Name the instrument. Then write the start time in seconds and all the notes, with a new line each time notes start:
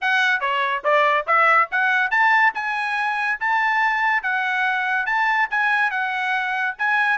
trumpet
0.01 F#5
0.40 C#5
0.83 D5
1.27 E5
1.71 F#5
2.10 A5
2.54 G#5
3.40 A5
4.22 F#5
5.06 A5
5.50 G#5
5.90 F#5
6.78 G#5